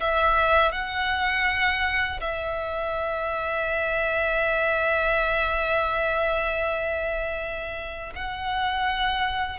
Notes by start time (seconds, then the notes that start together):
0.00 E5
0.72 F#5
2.20 E5
8.15 F#5